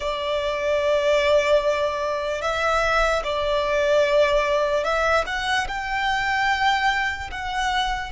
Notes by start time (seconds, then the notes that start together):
0.00 D5
2.41 E5
3.23 D5
4.84 E5
5.26 F#5
5.68 G5
7.30 F#5